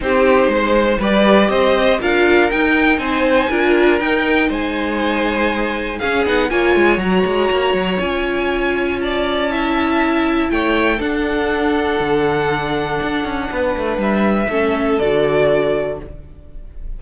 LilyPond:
<<
  \new Staff \with { instrumentName = "violin" } { \time 4/4 \tempo 4 = 120 c''2 d''4 dis''4 | f''4 g''4 gis''2 | g''4 gis''2. | f''8 fis''8 gis''4 ais''2 |
gis''2 a''2~ | a''4 g''4 fis''2~ | fis''1 | e''2 d''2 | }
  \new Staff \with { instrumentName = "violin" } { \time 4/4 g'4 c''4 b'4 c''4 | ais'2 c''4 ais'4~ | ais'4 c''2. | gis'4 cis''2.~ |
cis''2 d''4 e''4~ | e''4 cis''4 a'2~ | a'2. b'4~ | b'4 a'2. | }
  \new Staff \with { instrumentName = "viola" } { \time 4/4 dis'2 g'2 | f'4 dis'2 f'4 | dis'1 | cis'8 dis'8 f'4 fis'2 |
f'2. e'4~ | e'2 d'2~ | d'1~ | d'4 cis'4 fis'2 | }
  \new Staff \with { instrumentName = "cello" } { \time 4/4 c'4 gis4 g4 c'4 | d'4 dis'4 c'4 d'4 | dis'4 gis2. | cis'8 b8 ais8 gis8 fis8 gis8 ais8 fis8 |
cis'1~ | cis'4 a4 d'2 | d2 d'8 cis'8 b8 a8 | g4 a4 d2 | }
>>